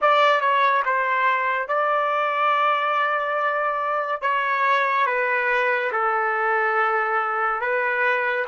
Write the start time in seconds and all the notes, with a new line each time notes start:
0.01 D5
0.40 C#5
0.85 C5
1.67 D5
4.21 C#5
5.06 B4
5.92 A4
7.60 B4